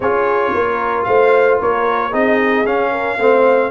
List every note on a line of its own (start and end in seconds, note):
0.00 0.53 C#4
0.00 2.11 F4
0.00 0.54 G#4
0.00 1.04 C#5
0.53 1.07 A#3
0.53 1.06 A#4
1.04 1.60 A3
1.04 1.59 C5
1.04 1.57 F5
1.59 2.13 A#3
1.59 2.10 A#4
1.59 2.14 C#5
2.10 2.65 C4
2.10 2.64 D#4
2.10 2.90 G#4
2.10 2.66 D#5
2.65 3.18 C#4
2.65 3.70 F5
2.91 3.17 A#4
3.17 3.70 A3
3.17 3.70 C4
3.17 3.70 C5